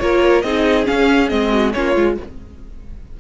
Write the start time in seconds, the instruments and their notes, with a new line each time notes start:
0.00 cello A#3, viola F4, violin A#4 C#5
0.42 cello C4, viola D#4, violin G#4 D#5
0.85 viola C#4, cello C#4, violin F5
1.30 cello G#3, viola C4, violin D#5
1.52 violin F#4
1.73 cello A#3, viola C#4, violin F4 C#5
1.96 cello G#3, viola F4